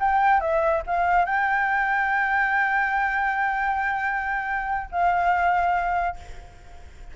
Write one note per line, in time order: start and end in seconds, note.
0.00 0.41 G5
0.41 0.82 E5
0.87 1.25 F5
1.25 4.90 G5
4.91 6.16 F5